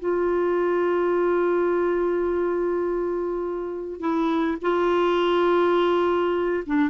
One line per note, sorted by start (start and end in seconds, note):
0.00 4.00 F4
4.00 4.58 E4
4.62 6.64 F4
6.67 6.90 D4